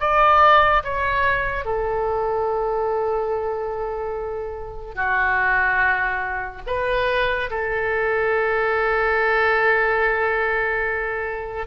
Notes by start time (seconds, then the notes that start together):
0.00 D5
0.84 C#5
1.65 A4
4.95 F#4
6.67 B4
7.50 A4